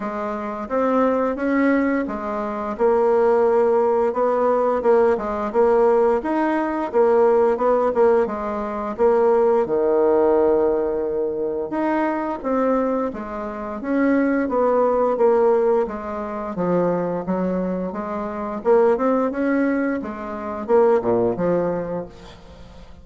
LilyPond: \new Staff \with { instrumentName = "bassoon" } { \time 4/4 \tempo 4 = 87 gis4 c'4 cis'4 gis4 | ais2 b4 ais8 gis8 | ais4 dis'4 ais4 b8 ais8 | gis4 ais4 dis2~ |
dis4 dis'4 c'4 gis4 | cis'4 b4 ais4 gis4 | f4 fis4 gis4 ais8 c'8 | cis'4 gis4 ais8 ais,8 f4 | }